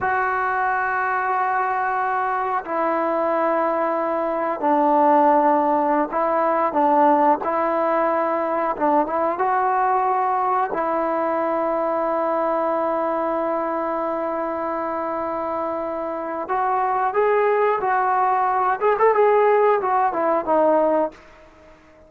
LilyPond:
\new Staff \with { instrumentName = "trombone" } { \time 4/4 \tempo 4 = 91 fis'1 | e'2. d'4~ | d'4~ d'16 e'4 d'4 e'8.~ | e'4~ e'16 d'8 e'8 fis'4.~ fis'16~ |
fis'16 e'2.~ e'8.~ | e'1~ | e'4 fis'4 gis'4 fis'4~ | fis'8 gis'16 a'16 gis'4 fis'8 e'8 dis'4 | }